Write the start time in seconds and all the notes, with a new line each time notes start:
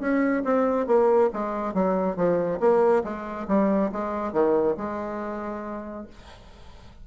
0.00 C#4
0.44 C4
0.87 A#3
1.33 G#3
1.74 F#3
2.16 F3
2.60 A#3
3.04 G#3
3.48 G3
3.92 G#3
4.33 D#3
4.77 G#3